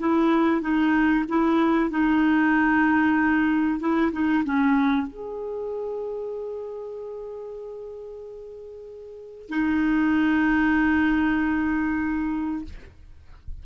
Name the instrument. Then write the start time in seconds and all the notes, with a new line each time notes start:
clarinet
0.00 E4
0.62 D#4
1.29 E4
1.91 D#4
3.80 E4
4.13 D#4
4.45 C#4
5.08 G#4
9.49 D#4